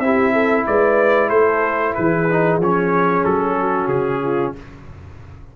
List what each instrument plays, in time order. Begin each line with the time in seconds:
0.00 tuba C4, trombone E4, horn G4, trumpet E5
0.33 horn A4
0.67 tuba G#3, horn B4, trumpet D5
1.30 tuba A3, horn A4, trumpet C5
1.95 tuba E3, horn G#4, trumpet B4
2.30 trombone D#4
2.58 tuba F3, trombone C#4, trumpet C#5
3.25 tuba F#3, trumpet A4
3.59 horn F#4
3.88 tuba C#3, trumpet G#4
4.23 horn F4